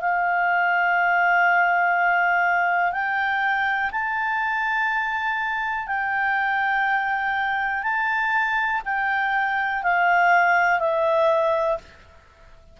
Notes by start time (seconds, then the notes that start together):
0.00 F5
2.92 G5
3.91 A5
5.87 G5
7.83 A5
8.84 G5
9.83 F5
10.79 E5